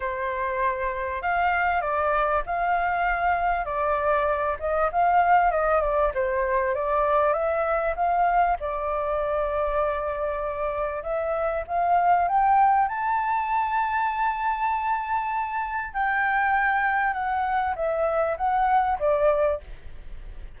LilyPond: \new Staff \with { instrumentName = "flute" } { \time 4/4 \tempo 4 = 98 c''2 f''4 d''4 | f''2 d''4. dis''8 | f''4 dis''8 d''8 c''4 d''4 | e''4 f''4 d''2~ |
d''2 e''4 f''4 | g''4 a''2.~ | a''2 g''2 | fis''4 e''4 fis''4 d''4 | }